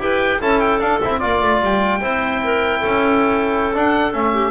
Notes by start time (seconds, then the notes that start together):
0.00 E4 G4 B4 G5
0.40 C#4 E4 A4 A5
0.60 G5
0.80 D4 F5
1.01 C4 E4 E5
1.19 A#3 F4 D5
1.42 A3
1.62 G3 G5
2.02 C4 E4 C5
2.44 A#4
2.80 C#4 A4
3.75 D4 F#5
4.13 A3 C#4 E5
4.34 G4